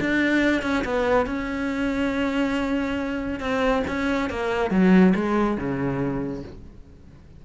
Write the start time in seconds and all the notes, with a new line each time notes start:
0.00 D4
0.62 C#4
0.84 B3
1.26 C#4
3.40 C4
3.87 C#4
4.30 A#3
4.70 F#3
5.15 G#3
5.57 C#3